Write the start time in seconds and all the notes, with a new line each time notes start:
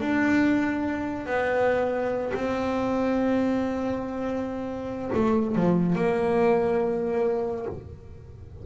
0.00 D4
1.26 B3
2.34 C4
5.14 A3
5.55 F3
5.95 A#3